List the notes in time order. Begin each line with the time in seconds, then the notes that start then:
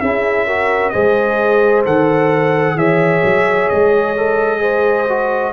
0.00 C#4 E4 G#4 E5
0.46 F#4 A#4
0.90 G#3 G#4 C5 D#5
1.85 D#3 A4 F#5
2.75 E3 G#4 C#5 E5
3.24 F#3
3.69 G#3 D#5
4.17 A4
4.59 G#4 C5
5.08 F#4